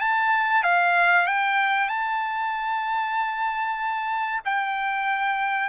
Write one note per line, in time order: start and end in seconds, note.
0.00 0.63 A5
0.63 1.26 F5
1.26 1.88 G5
1.88 4.41 A5
4.45 5.69 G5